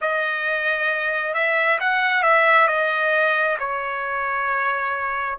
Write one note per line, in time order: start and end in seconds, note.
0.01 1.34 D#5
1.34 1.78 E5
1.80 2.22 F#5
2.22 2.67 E5
2.67 3.57 D#5
3.59 5.38 C#5